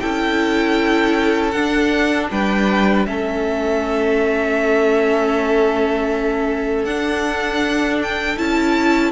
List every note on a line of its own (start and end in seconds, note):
0.00 1.55 C#4
0.00 1.53 E4
0.00 2.29 A4
0.00 1.51 G5
1.51 2.31 D4
1.51 3.06 D4
1.51 2.27 F#5
2.31 3.06 G3
2.31 3.08 B4
2.31 3.06 G5
3.06 6.84 A3
3.06 6.86 C#4
3.06 9.11 A4
3.06 6.85 E5
6.84 8.36 D4
6.84 8.37 D4
6.84 7.99 F#5
8.02 8.38 G5
8.37 9.11 C#4
8.37 9.11 E4
8.37 9.11 A5